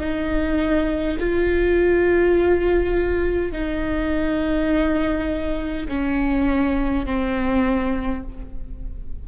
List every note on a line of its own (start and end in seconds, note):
0.00 1.18 D#4
1.20 3.52 F4
3.52 5.87 D#4
5.89 7.05 C#4
7.05 8.23 C4